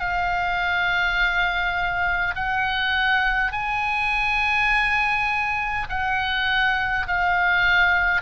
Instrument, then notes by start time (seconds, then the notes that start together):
oboe
0.00 F5
2.36 F#5
3.52 G#5
5.90 F#5
7.08 F5